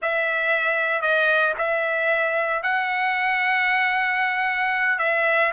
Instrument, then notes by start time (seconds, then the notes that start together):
trumpet
0.01 E5
1.01 D#5
1.58 E5
2.62 F#5
4.99 E5